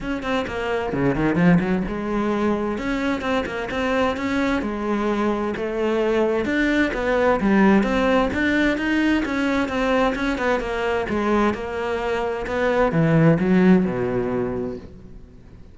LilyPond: \new Staff \with { instrumentName = "cello" } { \time 4/4 \tempo 4 = 130 cis'8 c'8 ais4 cis8 dis8 f8 fis8 | gis2 cis'4 c'8 ais8 | c'4 cis'4 gis2 | a2 d'4 b4 |
g4 c'4 d'4 dis'4 | cis'4 c'4 cis'8 b8 ais4 | gis4 ais2 b4 | e4 fis4 b,2 | }